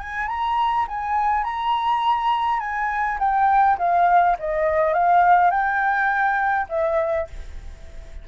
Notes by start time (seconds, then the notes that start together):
0.00 G#5
0.28 A#5
0.88 G#5
1.44 A#5
2.60 G#5
3.19 G5
3.79 F5
4.39 D#5
4.94 F5
5.51 G5
6.70 E5